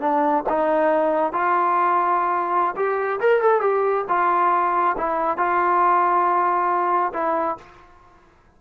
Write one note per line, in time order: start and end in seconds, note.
0.00 0.44 D4
0.49 1.33 D#4
1.33 2.75 F4
2.76 3.20 G4
3.20 3.42 A#4
3.42 3.61 A4
3.61 4.05 G4
4.08 4.96 F4
4.97 5.38 E4
5.38 7.13 F4
7.13 7.57 E4